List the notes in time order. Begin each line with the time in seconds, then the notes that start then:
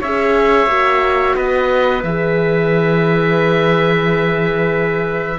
0.00 C#4 G#4 C#5 E5
0.66 A#3 F#4
1.35 B3 B4 D#5
2.03 E3 G#4 E5